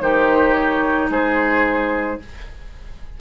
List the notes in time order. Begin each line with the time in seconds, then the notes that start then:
0.00 D#3 D#4 G4 C5
0.54 C#5
1.09 G#3 G#4 C5